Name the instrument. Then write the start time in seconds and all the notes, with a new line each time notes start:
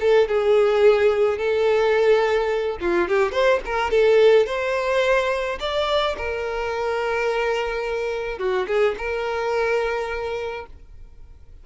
violin
0.00 A4
0.28 G#4
1.38 A4
2.81 F4
3.08 G4
3.32 C5
3.66 A#4
3.91 A4
4.47 C5
5.60 D5
6.18 A#4
8.39 F#4
8.68 G#4
8.98 A#4